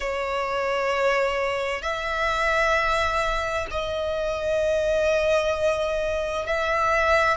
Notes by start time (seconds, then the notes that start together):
0.00 C#5
1.82 E5
3.70 D#5
6.46 E5